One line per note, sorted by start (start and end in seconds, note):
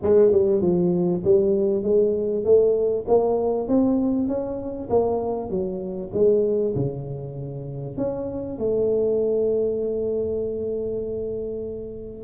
0.02 0.31 G#3
0.31 0.61 G3
0.61 1.22 F3
1.24 1.83 G3
1.83 2.44 G#3
2.44 3.05 A3
3.07 3.68 A#3
3.68 4.28 C4
4.28 4.89 C#4
4.89 5.49 A#3
5.49 6.11 F#3
6.13 6.74 G#3
6.75 7.97 C#3
7.97 8.58 C#4
8.58 12.24 A3